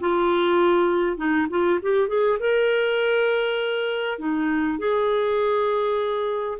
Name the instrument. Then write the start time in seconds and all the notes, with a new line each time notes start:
clarinet
0.00 F4
1.17 D#4
1.49 F4
1.82 G4
2.08 G#4
2.39 A#4
4.18 D#4
4.78 G#4